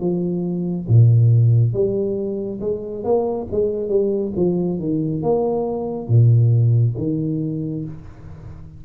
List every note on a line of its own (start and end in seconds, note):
0.00 0.87 F3
0.88 1.73 A#2
1.73 2.60 G3
2.60 3.04 G#3
3.04 3.47 A#3
3.51 3.89 G#3
3.89 4.32 G3
4.36 4.79 F3
4.79 5.22 D#3
5.22 6.08 A#3
6.08 6.95 A#2
6.98 7.85 D#3